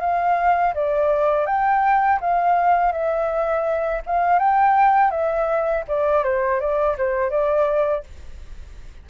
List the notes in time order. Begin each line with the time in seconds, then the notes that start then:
0.00 F5
0.74 D5
1.46 G5
2.20 F5
2.92 E5
4.06 F5
4.39 G5
5.10 E5
5.88 D5
6.23 C5
6.60 D5
6.97 C5
7.30 D5